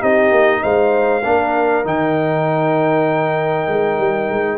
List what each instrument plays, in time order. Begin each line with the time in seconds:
0.00 tuba C4, trombone D#4, horn G4, trumpet D#5
0.31 tuba A#3
0.63 tuba G#3, horn C5, trumpet F5
1.24 tuba A#3, trombone D4, horn A#4
1.85 tuba D#3, trombone D#4, trumpet G5
3.68 tuba G#3
3.99 tuba G3
4.30 tuba G#3